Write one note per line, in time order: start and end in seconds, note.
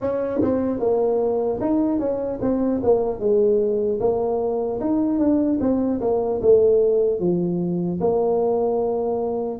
0.01 0.41 C#4
0.41 0.79 C4
0.79 1.59 A#3
1.60 1.99 D#4
1.99 2.39 C#4
2.41 2.81 C4
2.83 3.19 A#3
3.19 3.99 G#3
4.00 4.80 A#3
4.80 5.19 D#4
5.19 5.59 D4
5.60 6.00 C4
6.00 6.40 A#3
6.41 7.19 A3
7.19 7.99 F3
8.00 9.60 A#3